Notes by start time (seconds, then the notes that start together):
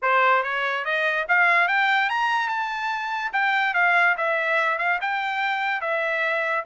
0.02 C5
0.43 C#5
0.84 D#5
1.28 F5
1.68 G5
2.09 A#5
2.48 A5
3.32 G5
3.74 F5
4.17 E5
4.78 F5
5.01 G5
5.81 E5